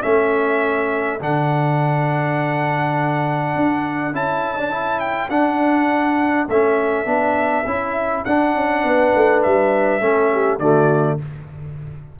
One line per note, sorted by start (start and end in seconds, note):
0.00 1.20 A3
0.00 1.19 C#4
0.00 8.82 A4
0.00 1.19 E5
1.20 3.55 D3
1.20 4.13 D4
1.20 4.15 F#5
3.55 4.12 D4
4.12 5.29 C#4
4.12 4.57 E4
4.12 4.99 A5
4.57 4.70 D4
4.70 5.29 E4
4.99 5.29 G5
5.29 6.47 D4
5.29 6.48 D4
5.29 6.47 F#5
6.48 7.05 A3
6.48 7.05 C#4
6.48 8.24 E5
7.05 7.64 B3
7.05 7.64 D4
7.65 8.24 C#4
7.65 8.25 E4
8.24 8.54 D4
8.24 10.00 D4
8.24 9.42 F#5
8.54 8.83 C#4
8.83 9.12 B3
8.83 10.03 B4
9.15 9.44 A3
9.42 10.00 G3
9.42 10.59 E5
10.00 10.58 A3
10.00 10.59 C#4
10.00 10.32 A4
10.32 10.60 G4
10.58 11.17 D3
10.58 11.19 A3
10.58 11.19 F#4
10.58 11.18 D5